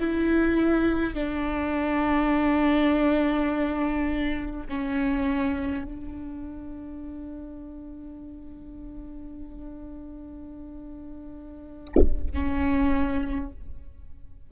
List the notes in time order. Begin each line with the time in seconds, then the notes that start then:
0.00 E4
1.14 D4
4.69 C#4
5.84 D4
12.34 C#4